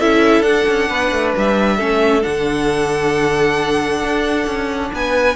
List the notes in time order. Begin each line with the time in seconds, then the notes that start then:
0.00 C#4 E4 A4 E5
0.41 D4 F#5
0.68 C#4
0.90 B3 B4
1.12 A3
1.37 G3 E5
1.77 A3 C#4 A4
2.22 D3 D4 F#5
4.03 D4
4.47 C#4
4.93 B3 B4 G#5